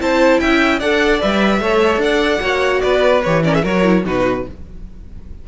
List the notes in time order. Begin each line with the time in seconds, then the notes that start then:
0.00 C4 E4 C5 A5
0.40 C#4 E5 G5
0.79 D4 A4 D5 F#5
1.21 G3 B4 E5
1.61 A3 A4 C#5
1.98 D4 F#5
2.04 D5
2.40 A#3 F#4 C#5
2.81 B3 B4 D5
3.23 E3 G4 C#5
3.44 C#4 A#4 D5
3.55 G#4 E5
3.62 F#3 F#4 A#4 C#5
3.83 E4
4.05 B2 D#4 F#4 B4